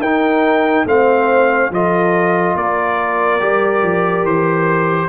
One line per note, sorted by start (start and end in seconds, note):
0.00 0.85 D#4
0.00 0.87 D#4
0.00 0.85 A#4
0.00 0.86 G5
0.85 1.70 A3
0.85 1.72 C4
0.85 1.71 C5
0.85 1.73 F5
1.70 2.55 F3
1.70 3.40 F4
1.70 2.57 A4
1.70 2.57 D#5
2.55 3.40 A#3
2.55 5.09 A#4
2.55 4.26 D5
3.40 3.83 G3
3.40 5.09 G4
3.83 4.24 F3
4.24 5.08 E3
4.24 5.09 C5